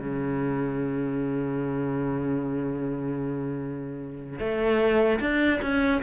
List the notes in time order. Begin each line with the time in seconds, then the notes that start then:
0.00 C#3
4.40 A3
5.20 D4
5.62 C#4